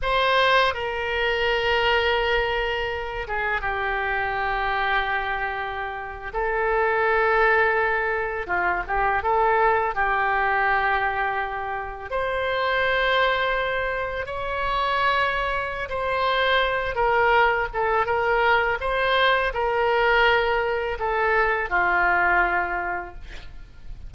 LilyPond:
\new Staff \with { instrumentName = "oboe" } { \time 4/4 \tempo 4 = 83 c''4 ais'2.~ | ais'8 gis'8 g'2.~ | g'8. a'2. f'16~ | f'16 g'8 a'4 g'2~ g'16~ |
g'8. c''2. cis''16~ | cis''2 c''4. ais'8~ | ais'8 a'8 ais'4 c''4 ais'4~ | ais'4 a'4 f'2 | }